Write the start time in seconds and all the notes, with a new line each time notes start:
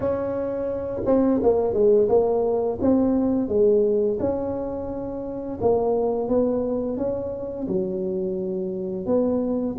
0.00 C#4
1.05 C4
1.42 A#3
1.73 G#3
2.09 A#3
2.81 C4
3.48 G#3
4.19 C#4
5.60 A#3
6.28 B3
6.97 C#4
7.67 F#3
9.06 B3